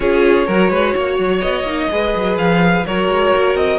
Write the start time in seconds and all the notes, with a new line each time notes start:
0.00 C#4 F4 G#4 C#5
0.46 F#3 F#4 A#4
0.69 G#3 B4
0.95 A#3 C#5
1.18 F#3
1.40 B3 D#5
1.64 A#3 D#4
1.90 G#3 G#4 B4
2.15 F#3
2.37 F3 F5
2.85 F#3 F#4 A#4 C#5
3.08 G#3
3.36 A#3
3.55 C4 D#5